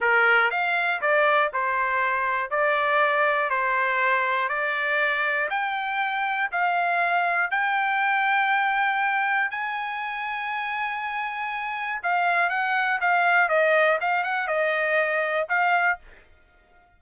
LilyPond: \new Staff \with { instrumentName = "trumpet" } { \time 4/4 \tempo 4 = 120 ais'4 f''4 d''4 c''4~ | c''4 d''2 c''4~ | c''4 d''2 g''4~ | g''4 f''2 g''4~ |
g''2. gis''4~ | gis''1 | f''4 fis''4 f''4 dis''4 | f''8 fis''8 dis''2 f''4 | }